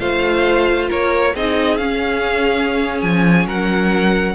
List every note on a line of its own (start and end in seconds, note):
0.00 0.90 A3
0.00 1.35 F4
0.00 0.89 C5
0.00 0.90 F5
0.89 1.35 A#3
0.89 1.34 A#4
0.89 1.36 C#5
1.35 1.79 C4
1.35 1.80 D#4
1.35 3.47 G#4
1.35 1.77 D#5
1.77 3.02 C#4
1.77 4.35 C#4
1.77 3.00 F5
3.02 3.47 F3
3.02 3.46 G#5
3.47 4.35 F#3
3.47 4.35 A#4
3.47 4.35 F#5